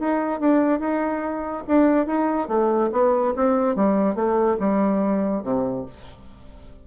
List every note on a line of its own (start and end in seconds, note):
0.00 0.40 D#4
0.40 0.80 D4
0.80 1.64 D#4
1.68 2.07 D4
2.07 2.48 D#4
2.48 2.90 A3
2.92 3.34 B3
3.36 3.76 C4
3.76 4.16 G3
4.16 4.58 A3
4.60 5.43 G3
5.43 5.85 C3